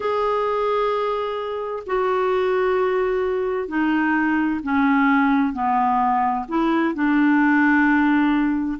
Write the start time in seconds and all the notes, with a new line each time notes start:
0.00 G#4
1.86 F#4
3.68 D#4
4.63 C#4
5.53 B3
6.48 E4
6.94 D4